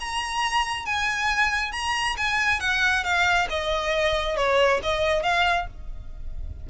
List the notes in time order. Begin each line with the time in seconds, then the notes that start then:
0.00 A#5
0.86 G#5
1.72 A#5
2.17 G#5
2.60 F#5
3.04 F5
3.50 D#5
4.37 C#5
4.83 D#5
5.23 F5